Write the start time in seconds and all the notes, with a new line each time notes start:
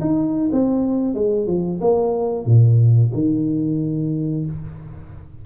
0.00 D#4
0.52 C4
1.14 G#3
1.47 F3
1.80 A#3
2.45 A#2
3.13 D#3